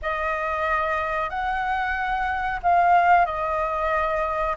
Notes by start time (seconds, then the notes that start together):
0.01 D#5
1.29 F#5
2.62 F5
3.25 D#5